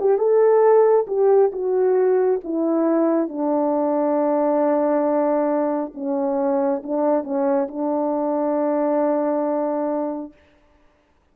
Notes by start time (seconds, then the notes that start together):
0.00 G4
0.18 A4
1.07 G4
1.52 F#4
2.44 E4
3.28 D4
5.94 C#4
6.83 D4
7.24 C#4
7.68 D4